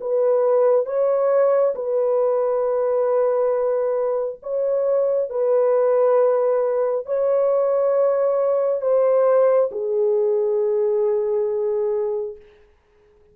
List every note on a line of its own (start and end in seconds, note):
0.00 0.85 B4
0.85 1.74 C#5
1.75 4.40 B4
4.42 5.29 C#5
5.29 7.05 B4
7.05 8.81 C#5
8.81 9.69 C5
9.71 12.36 G#4